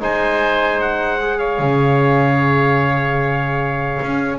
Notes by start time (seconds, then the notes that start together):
0.00 G#3 D#4 C5 G#5
0.81 F#5
1.19 G#4
1.38 C#5 F5
1.59 C#3
4.02 C#4